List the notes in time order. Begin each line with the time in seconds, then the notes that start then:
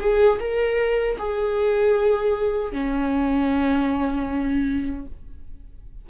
0.00 G#4
0.39 A#4
1.19 G#4
2.72 C#4